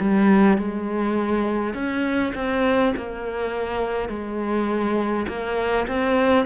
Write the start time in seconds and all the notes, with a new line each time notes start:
0.00 G3
0.58 G#3
1.74 C#4
2.35 C4
2.96 A#3
4.09 G#3
5.28 A#3
5.88 C4